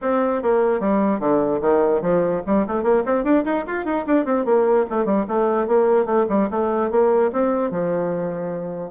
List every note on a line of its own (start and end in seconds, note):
0.01 0.42 C4
0.42 0.80 A#3
0.80 1.19 G3
1.19 1.60 D3
1.61 2.01 D#3
2.01 2.42 F3
2.46 2.66 G3
2.67 2.83 A3
2.83 3.03 A#3
3.05 3.24 C4
3.24 3.44 D4
3.44 3.64 D#4
3.67 3.85 F4
3.85 4.05 D#4
4.06 4.25 D4
4.25 4.45 C4
4.45 4.85 A#3
4.90 5.05 A3
5.05 5.25 G3
5.28 5.67 A3
5.67 6.05 A#3
6.05 6.25 A3
6.29 6.49 G3
6.50 6.90 A3
6.90 7.31 A#3
7.32 7.70 C4
7.70 8.91 F3